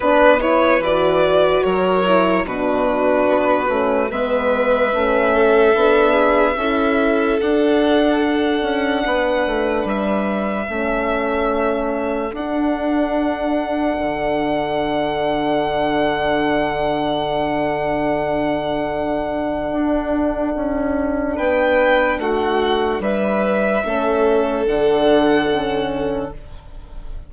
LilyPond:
<<
  \new Staff \with { instrumentName = "violin" } { \time 4/4 \tempo 4 = 73 b'8 cis''8 d''4 cis''4 b'4~ | b'4 e''2.~ | e''4 fis''2. | e''2. fis''4~ |
fis''1~ | fis''1~ | fis''2 g''4 fis''4 | e''2 fis''2 | }
  \new Staff \with { instrumentName = "violin" } { \time 4/4 b'2 ais'4 fis'4~ | fis'4 b'4. a'4 gis'8 | a'2. b'4~ | b'4 a'2.~ |
a'1~ | a'1~ | a'2 b'4 fis'4 | b'4 a'2. | }
  \new Staff \with { instrumentName = "horn" } { \time 4/4 d'8 e'8 fis'4. e'8 d'4~ | d'8 cis'8 b4 cis'4 d'4 | e'4 d'2.~ | d'4 cis'2 d'4~ |
d'1~ | d'1~ | d'1~ | d'4 cis'4 d'4 cis'4 | }
  \new Staff \with { instrumentName = "bassoon" } { \time 4/4 b4 e4 fis4 b,4 | b8 a8 gis4 a4 b4 | cis'4 d'4. cis'8 b8 a8 | g4 a2 d'4~ |
d'4 d2.~ | d1 | d'4 cis'4 b4 a4 | g4 a4 d2 | }
>>